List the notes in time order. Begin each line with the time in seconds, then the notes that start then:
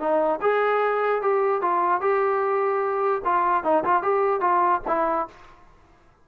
0.00 D#4
0.42 G#4
1.22 G4
1.62 F4
2.02 G4
3.25 F4
3.64 D#4
3.85 F4
4.03 G4
4.41 F4
4.88 E4